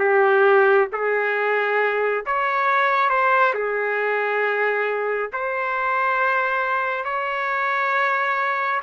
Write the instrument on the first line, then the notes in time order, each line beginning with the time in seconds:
trumpet
0.00 G4
0.93 G#4
2.27 C#5
3.10 C5
3.55 G#4
5.33 C5
7.05 C#5